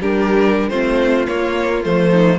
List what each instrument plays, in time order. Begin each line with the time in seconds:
0.00 cello G3, viola D4, violin G4 A#4
0.69 cello A3, viola C4, violin F4 C5
1.26 viola A#3, cello A#3, violin C#5
1.82 cello F3, viola A3, violin C5
2.10 violin D#4